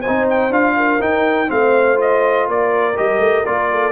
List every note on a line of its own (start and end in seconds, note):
0.00 0.73 C5
0.00 0.25 G#5
0.07 0.50 C4
0.07 0.50 D#4
0.29 0.52 G5
0.50 0.98 D4
0.50 0.99 F4
0.50 1.01 F5
0.76 1.49 A#4
0.99 1.48 D#4
0.99 1.47 D#4
0.99 1.50 G5
1.47 2.48 A3
1.47 1.95 C4
1.47 2.48 C5
1.47 1.99 F5
1.96 2.93 F4
1.96 2.49 D#5
2.48 2.97 A#3
2.48 3.70 A#4
2.48 2.97 D5
2.95 3.19 G3
2.95 3.44 G4
2.95 3.45 D#5
3.19 3.43 A3
3.45 3.92 A#3
3.45 3.92 F4
3.45 3.92 D5
3.71 3.92 A4